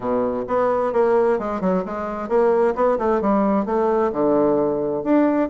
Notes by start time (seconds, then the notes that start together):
0.00 B2
0.47 B3
0.92 A#3
1.38 G#3
1.61 F#3
1.85 G#3
2.28 A#3
2.75 B3
2.98 A3
3.21 G3
3.65 A3
4.12 D3
5.03 D4